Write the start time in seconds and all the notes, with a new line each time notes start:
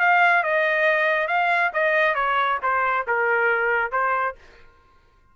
0.00 F5
0.44 D#5
1.28 F5
1.74 D#5
2.15 C#5
2.63 C5
3.08 A#4
3.92 C5